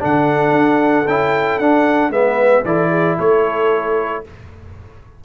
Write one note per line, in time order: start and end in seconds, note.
0.00 0.52 D3
0.00 1.05 D4
0.00 2.12 A4
0.00 1.08 F#5
0.52 1.04 D4
1.07 1.59 C#4
1.07 1.61 E4
1.07 1.59 G5
1.59 2.10 D4
1.59 2.12 D4
1.59 2.12 F#5
2.10 2.62 G#3
2.10 2.65 B3
2.10 2.65 B4
2.10 2.65 E5
2.65 3.18 E3
2.65 4.24 E4
2.65 2.90 A4
2.65 3.18 D5
2.90 3.16 G#4
3.18 4.24 A3
3.18 4.23 A4
3.18 4.25 C#5